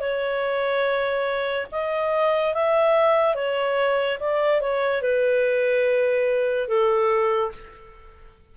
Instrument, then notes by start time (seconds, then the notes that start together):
clarinet
0.00 C#5
1.72 D#5
2.54 E5
3.34 C#5
4.20 D5
4.61 C#5
5.02 B4
6.68 A4